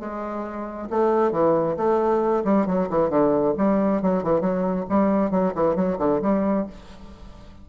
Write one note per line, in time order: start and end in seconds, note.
0.00 0.89 G#3
0.90 1.32 A3
1.32 1.76 E3
1.77 2.44 A3
2.45 2.67 G3
2.67 2.89 F#3
2.90 3.10 E3
3.10 3.54 D3
3.58 4.02 G3
4.02 4.23 F#3
4.23 4.41 E3
4.41 4.86 F#3
4.90 5.31 G3
5.31 5.54 F#3
5.55 5.76 E3
5.76 5.98 F#3
5.99 6.21 D3
6.22 6.66 G3